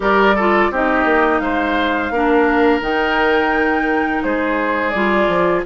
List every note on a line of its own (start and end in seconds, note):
0.00 0.69 G3
0.00 0.35 G4
0.00 0.35 A#4
0.00 0.74 D5
0.35 0.73 F4
0.35 0.71 A4
0.70 1.05 C4
0.70 2.14 D#4
0.70 1.41 G4
0.70 1.39 D#5
1.05 1.40 A#3
1.39 2.10 G#3
1.39 2.12 C5
1.39 2.80 F5
2.10 2.80 A#3
2.10 2.81 D4
2.10 4.24 A#4
2.80 4.21 D#3
2.80 4.93 D#4
2.80 4.23 G5
4.23 4.94 G#3
4.23 5.65 G#4
4.23 4.89 C5
4.89 5.28 G3
4.89 5.65 F4
4.89 5.60 D5
5.28 5.63 F3